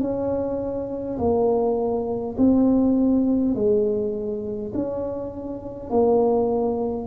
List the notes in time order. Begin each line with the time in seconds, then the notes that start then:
0.00 C#4
1.18 A#3
2.37 C4
3.55 G#3
4.74 C#4
5.90 A#3